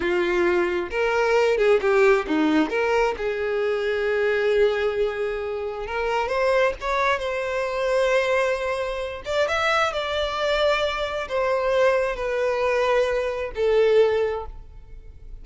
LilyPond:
\new Staff \with { instrumentName = "violin" } { \time 4/4 \tempo 4 = 133 f'2 ais'4. gis'8 | g'4 dis'4 ais'4 gis'4~ | gis'1~ | gis'4 ais'4 c''4 cis''4 |
c''1~ | c''8 d''8 e''4 d''2~ | d''4 c''2 b'4~ | b'2 a'2 | }